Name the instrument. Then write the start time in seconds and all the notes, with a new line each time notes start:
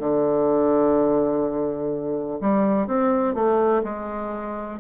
bassoon
0.00 D3
2.41 G3
2.88 C4
3.35 A3
3.84 G#3